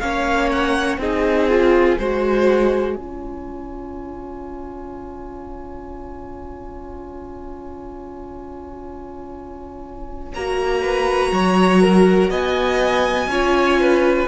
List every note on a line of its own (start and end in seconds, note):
0.00 0.98 A#3
0.00 1.00 C#4
0.00 1.00 C#5
0.00 0.49 F5
0.52 0.99 F#5
0.98 1.97 C4
0.98 1.50 D#4
0.98 1.98 G#4
0.98 10.33 G#5
1.50 1.99 F4
1.98 2.97 G#3
1.98 2.97 F#4
1.98 2.96 C5
2.96 10.34 C#4
2.96 10.34 F4
2.96 10.82 C#5
10.34 11.32 A#3
10.34 13.31 F#4
10.34 12.31 A#5
10.82 11.31 B4
11.32 12.30 F#3
11.32 11.82 C#5
11.82 12.31 A#4
12.30 13.27 B3
12.30 13.29 D#5
12.30 14.28 G#5
13.27 14.26 C#4
13.27 14.28 F4
13.27 13.81 C#5
13.81 14.28 B4